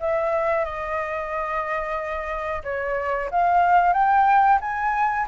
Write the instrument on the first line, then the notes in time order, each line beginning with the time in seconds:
flute
0.00 E5
0.65 D#5
2.64 C#5
3.31 F5
3.93 G5
4.61 G#5